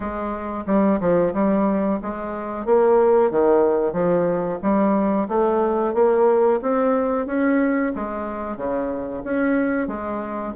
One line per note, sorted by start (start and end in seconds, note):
0.00 0.64 G#3
0.66 0.99 G3
1.00 1.33 F3
1.33 1.99 G3
2.01 2.65 G#3
2.65 3.30 A#3
3.30 3.93 D#3
3.93 4.59 F3
4.62 5.28 G3
5.28 5.93 A3
5.93 6.59 A#3
6.61 7.26 C4
7.26 7.92 C#4
7.95 8.57 G#3
8.57 9.22 C#3
9.24 9.87 C#4
9.87 10.53 G#3